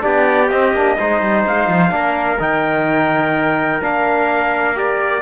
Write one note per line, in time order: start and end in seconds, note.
0.00 0.51 B3
0.00 0.47 D4
0.00 0.99 G4
0.00 0.50 D5
0.51 0.73 C4
0.51 0.75 C4
0.51 1.45 D#5
0.73 0.96 A#3
0.73 0.99 D4
1.00 1.22 G#3
1.00 1.91 D#4
1.00 1.94 C5
1.22 1.45 G3
1.48 1.68 G#3
1.48 2.42 F5
1.68 1.92 F3
1.91 2.39 A#3
1.91 2.38 D4
1.91 5.22 A#4
2.40 3.82 D#3
2.40 3.81 D#4
2.40 3.83 G5
3.82 5.22 A#3
3.82 4.75 D4
3.82 4.78 F5
4.75 5.22 G4
4.75 5.22 D5